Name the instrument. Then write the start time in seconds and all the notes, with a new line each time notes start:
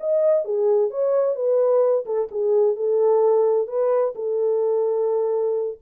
horn
0.00 D#5
0.45 G#4
0.90 C#5
1.35 B4
2.06 A4
2.32 G#4
2.76 A4
3.68 B4
4.15 A4